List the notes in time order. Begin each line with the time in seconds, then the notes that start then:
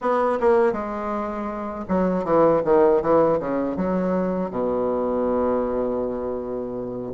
0.01 B3
0.40 A#3
0.72 G#3
1.88 F#3
2.24 E3
2.64 D#3
3.01 E3
3.39 C#3
3.76 F#3
4.50 B2